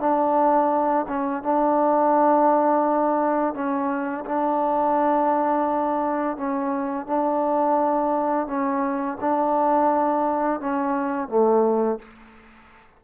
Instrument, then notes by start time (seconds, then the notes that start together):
trombone
0.00 D4
1.08 C#4
1.43 D4
3.54 C#4
4.25 D4
6.37 C#4
7.07 D4
8.47 C#4
9.21 D4
10.60 C#4
11.28 A3